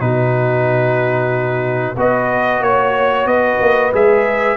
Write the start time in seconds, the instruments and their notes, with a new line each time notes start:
0.00 tuba B2, trombone D#4, horn F#4, trumpet B4
1.97 tuba B3, trombone F#4, horn B4, trumpet D#5
2.61 tuba A#3, trumpet C#5, horn C#5
3.26 tuba B3, horn B4, trumpet D#5
3.60 tuba A#3
3.93 tuba G#3, trombone G#4, trumpet E5